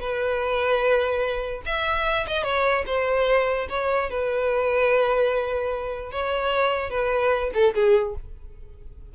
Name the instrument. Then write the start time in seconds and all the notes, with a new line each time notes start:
violin
0.00 B4
1.66 E5
2.27 D#5
2.44 C#5
2.87 C5
3.69 C#5
4.10 B4
6.12 C#5
6.90 B4
7.54 A4
7.74 G#4